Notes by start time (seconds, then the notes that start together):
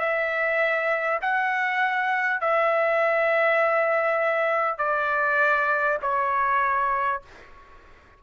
0.00 E5
1.22 F#5
2.41 E5
4.78 D5
6.02 C#5